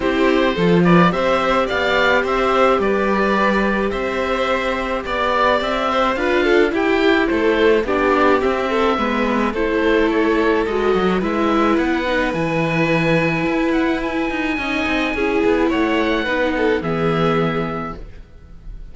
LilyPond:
<<
  \new Staff \with { instrumentName = "oboe" } { \time 4/4 \tempo 4 = 107 c''4. d''8 e''4 f''4 | e''4 d''2 e''4~ | e''4 d''4 e''4 f''4 | g''4 c''4 d''4 e''4~ |
e''4 c''4 cis''4 dis''4 | e''4 fis''4 gis''2~ | gis''8 fis''8 gis''2. | fis''2 e''2 | }
  \new Staff \with { instrumentName = "violin" } { \time 4/4 g'4 a'8 b'8 c''4 d''4 | c''4 b'2 c''4~ | c''4 d''4. c''8 b'8 a'8 | g'4 a'4 g'4. a'8 |
b'4 a'2. | b'1~ | b'2 dis''4 gis'4 | cis''4 b'8 a'8 gis'2 | }
  \new Staff \with { instrumentName = "viola" } { \time 4/4 e'4 f'4 g'2~ | g'1~ | g'2. f'4 | e'2 d'4 c'4 |
b4 e'2 fis'4 | e'4. dis'8 e'2~ | e'2 dis'4 e'4~ | e'4 dis'4 b2 | }
  \new Staff \with { instrumentName = "cello" } { \time 4/4 c'4 f4 c'4 b4 | c'4 g2 c'4~ | c'4 b4 c'4 d'4 | e'4 a4 b4 c'4 |
gis4 a2 gis8 fis8 | gis4 b4 e2 | e'4. dis'8 cis'8 c'8 cis'8 b8 | a4 b4 e2 | }
>>